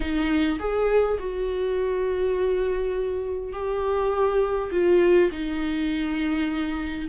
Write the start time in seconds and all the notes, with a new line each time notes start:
0.00 D#4
0.59 G#4
1.19 F#4
3.52 G4
4.71 F4
5.31 D#4